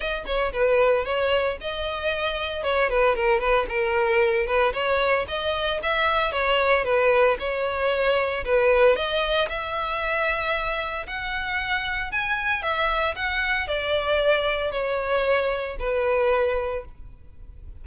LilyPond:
\new Staff \with { instrumentName = "violin" } { \time 4/4 \tempo 4 = 114 dis''8 cis''8 b'4 cis''4 dis''4~ | dis''4 cis''8 b'8 ais'8 b'8 ais'4~ | ais'8 b'8 cis''4 dis''4 e''4 | cis''4 b'4 cis''2 |
b'4 dis''4 e''2~ | e''4 fis''2 gis''4 | e''4 fis''4 d''2 | cis''2 b'2 | }